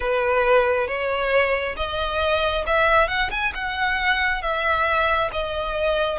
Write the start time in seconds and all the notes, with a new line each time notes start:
0.00 B4
0.87 C#5
1.76 D#5
2.66 E5
3.08 F#5
3.30 G#5
3.54 F#5
4.42 E5
5.32 D#5